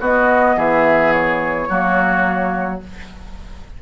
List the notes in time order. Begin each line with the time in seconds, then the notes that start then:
0.00 B3 F#4 D#5
0.56 E3 G#4 E5
1.12 C#5
1.69 F#3 A#3 F#4